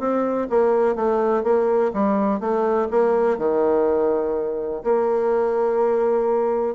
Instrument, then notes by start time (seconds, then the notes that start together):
bassoon
0.00 C4
0.50 A#3
0.96 A3
1.44 A#3
1.94 G3
2.40 A3
2.91 A#3
3.38 D#3
4.84 A#3